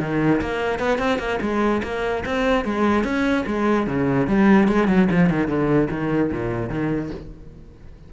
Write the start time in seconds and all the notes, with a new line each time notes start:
0.00 D#3
0.41 A#3
0.79 B3
0.99 C4
1.19 A#3
1.41 G#3
1.83 A#3
2.26 C4
2.65 G#3
3.04 C#4
3.47 G#3
3.87 C#3
4.27 G3
4.68 G#3
4.88 F#3
5.11 F3
5.30 D#3
5.47 D3
5.90 D#3
6.32 A#2
6.70 D#3